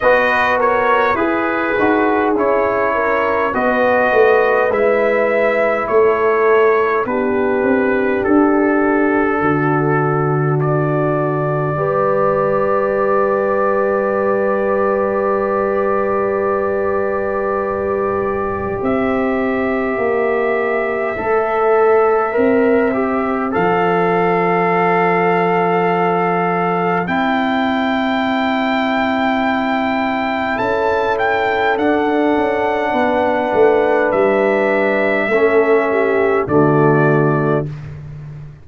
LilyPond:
<<
  \new Staff \with { instrumentName = "trumpet" } { \time 4/4 \tempo 4 = 51 dis''8 cis''8 b'4 cis''4 dis''4 | e''4 cis''4 b'4 a'4~ | a'4 d''2.~ | d''1 |
e''1 | f''2. g''4~ | g''2 a''8 g''8 fis''4~ | fis''4 e''2 d''4 | }
  \new Staff \with { instrumentName = "horn" } { \time 4/4 b'8 ais'8 gis'4. ais'8 b'4~ | b'4 a'4 g'2 | fis'2 b'2~ | b'1 |
c''1~ | c''1~ | c''2 a'2 | b'2 a'8 g'8 fis'4 | }
  \new Staff \with { instrumentName = "trombone" } { \time 4/4 fis'4 gis'8 fis'8 e'4 fis'4 | e'2 d'2~ | d'2 g'2~ | g'1~ |
g'2 a'4 ais'8 g'8 | a'2. e'4~ | e'2. d'4~ | d'2 cis'4 a4 | }
  \new Staff \with { instrumentName = "tuba" } { \time 4/4 b4 e'8 dis'8 cis'4 b8 a8 | gis4 a4 b8 c'8 d'4 | d2 g2~ | g1 |
c'4 ais4 a4 c'4 | f2. c'4~ | c'2 cis'4 d'8 cis'8 | b8 a8 g4 a4 d4 | }
>>